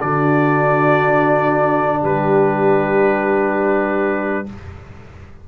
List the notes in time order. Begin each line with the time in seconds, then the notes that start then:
0.00 D3 D4 F#4 D5
2.01 G3 G4 B4